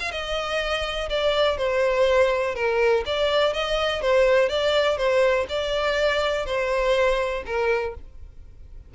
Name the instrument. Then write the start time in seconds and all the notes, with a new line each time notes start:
violin
0.00 F5
0.12 D#5
1.10 D5
1.58 C5
2.55 A#4
3.06 D5
3.54 D#5
4.02 C5
4.49 D5
4.97 C5
5.49 D5
6.46 C5
7.46 A#4